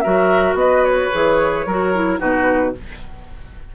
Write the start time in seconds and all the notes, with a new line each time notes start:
0.00 F#3 F#4 A#4 E5
0.54 B3 B4 D#5
0.84 C#5
1.12 E3 G#4
1.66 F#3 F#4 A#4
1.95 E4
2.19 B2 D#4 F#4 B4